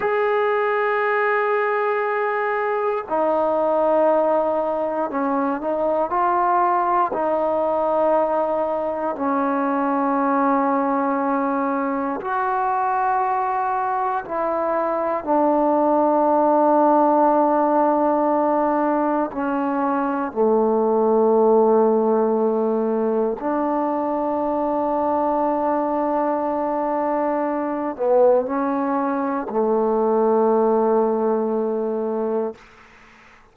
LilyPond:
\new Staff \with { instrumentName = "trombone" } { \time 4/4 \tempo 4 = 59 gis'2. dis'4~ | dis'4 cis'8 dis'8 f'4 dis'4~ | dis'4 cis'2. | fis'2 e'4 d'4~ |
d'2. cis'4 | a2. d'4~ | d'2.~ d'8 b8 | cis'4 a2. | }